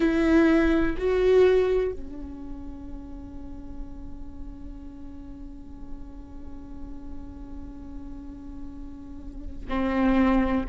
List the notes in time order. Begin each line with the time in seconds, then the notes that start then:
0.00 E4
0.97 F#4
1.91 C#4
9.69 C4